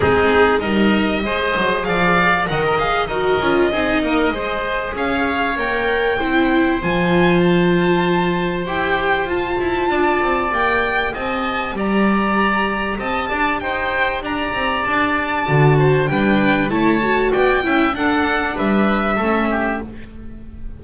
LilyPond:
<<
  \new Staff \with { instrumentName = "violin" } { \time 4/4 \tempo 4 = 97 gis'4 dis''2 f''4 | fis''16 ais'16 f''8 dis''2. | f''4 g''2 gis''4 | a''2 g''4 a''4~ |
a''4 g''4 a''4 ais''4~ | ais''4 a''4 g''4 ais''4 | a''2 g''4 a''4 | g''4 fis''4 e''2 | }
  \new Staff \with { instrumentName = "oboe" } { \time 4/4 dis'4 ais'4 c''4 d''4 | dis''4 ais'4 gis'8 ais'8 c''4 | cis''2 c''2~ | c''1 |
d''2 dis''4 d''4~ | d''4 dis''8 d''8 c''4 d''4~ | d''4. c''8 b'4 cis''4 | d''8 e''8 a'4 b'4 a'8 g'8 | }
  \new Staff \with { instrumentName = "viola" } { \time 4/4 c'4 dis'4 gis'2 | ais'8 gis'8 fis'8 f'8 dis'4 gis'4~ | gis'4 ais'4 e'4 f'4~ | f'2 g'4 f'4~ |
f'4 g'2.~ | g'1~ | g'4 fis'4 d'4 e'8 fis'8~ | fis'8 e'8 d'2 cis'4 | }
  \new Staff \with { instrumentName = "double bass" } { \time 4/4 gis4 g4 gis8 fis8 f4 | dis4 dis'8 cis'8 c'8 ais8 gis4 | cis'4 ais4 c'4 f4~ | f2 e'4 f'8 e'8 |
d'8 c'8 ais4 c'4 g4~ | g4 c'8 d'8 dis'4 d'8 c'8 | d'4 d4 g4 a4 | b8 cis'8 d'4 g4 a4 | }
>>